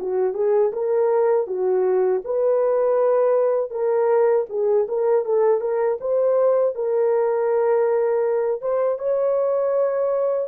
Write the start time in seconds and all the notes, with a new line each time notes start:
0.00 F#4
0.34 G#4
0.73 A#4
1.47 F#4
2.25 B4
3.71 A#4
4.50 G#4
4.89 A#4
5.25 A4
5.61 A#4
6.01 C5
6.75 A#4
8.61 C5
8.99 C#5